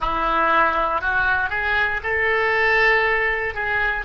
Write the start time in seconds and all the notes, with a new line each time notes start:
0.00 E4
1.01 F#4
1.49 G#4
2.03 A4
3.54 G#4